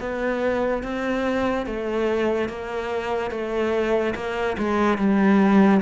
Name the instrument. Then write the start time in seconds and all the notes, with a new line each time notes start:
cello
0.00 B3
0.83 C4
1.66 A3
2.49 A#3
3.31 A3
4.15 A#3
4.58 G#3
4.98 G3